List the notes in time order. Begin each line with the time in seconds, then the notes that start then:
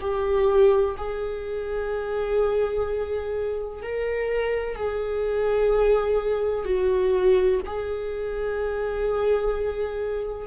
0.00 G4
0.97 G#4
3.82 A#4
4.75 G#4
6.65 F#4
7.65 G#4